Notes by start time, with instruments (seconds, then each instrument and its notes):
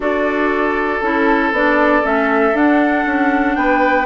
0.00 bassoon D4, clarinet F#4, oboe A4, flute D5
1.00 bassoon C#4, clarinet E4, flute A4
1.51 bassoon B3, clarinet D4, flute D5
2.02 bassoon A3, clarinet C#4, flute E5
2.53 bassoon D4, clarinet D4, flute F#5
3.05 bassoon C#4
3.55 bassoon B3, oboe B4, flute G5